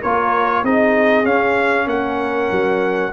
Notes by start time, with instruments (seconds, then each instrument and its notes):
0.00 tuba A#3, trombone F4, horn A#4, trumpet C#5
0.63 tuba C4, trombone D#4, horn G#4, trumpet D#5
1.25 tuba C#4, trombone C#4, trumpet F5
1.87 tuba A#3, horn A#4, trumpet F#5
2.51 tuba F#3